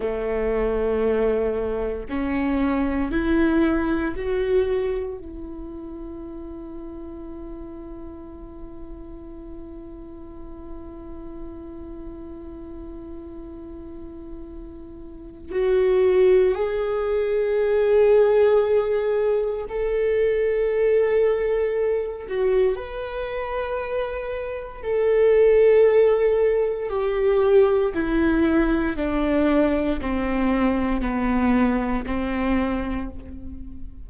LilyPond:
\new Staff \with { instrumentName = "viola" } { \time 4/4 \tempo 4 = 58 a2 cis'4 e'4 | fis'4 e'2.~ | e'1~ | e'2. fis'4 |
gis'2. a'4~ | a'4. fis'8 b'2 | a'2 g'4 e'4 | d'4 c'4 b4 c'4 | }